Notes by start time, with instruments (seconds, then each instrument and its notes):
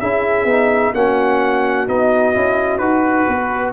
0.00 tuba C#4, trombone E4, horn G#4, trumpet E5
0.45 tuba B3, trombone D#4
0.94 tuba A#3, trombone C#4, horn F#4, trumpet F#5
1.88 tuba B3, trombone D#4, trumpet D#5
2.34 tuba C#4, trombone E4
2.78 tuba D#4, trombone F#4, trumpet B4
3.28 tuba B3, horn B4